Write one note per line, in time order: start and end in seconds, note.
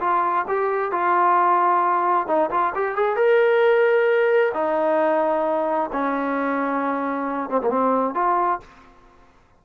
0.00 0.45 F4
0.48 0.92 G4
0.92 2.27 F4
2.27 2.50 D#4
2.51 2.73 F4
2.75 2.96 G4
2.96 3.16 G#4
3.16 4.52 A#4
4.54 5.90 D#4
5.93 7.50 C#4
7.50 7.61 C4
7.62 7.70 A#3
7.70 8.15 C4
8.15 8.60 F4